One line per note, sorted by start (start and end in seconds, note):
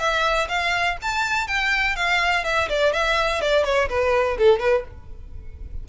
0.00 0.48 E5
0.49 0.97 F5
1.02 1.48 A5
1.48 1.96 G5
1.96 2.45 F5
2.45 2.69 E5
2.70 2.94 D5
2.94 3.42 E5
3.42 3.65 D5
3.65 3.89 C#5
3.90 4.38 B4
4.38 4.60 A4
4.60 4.84 B4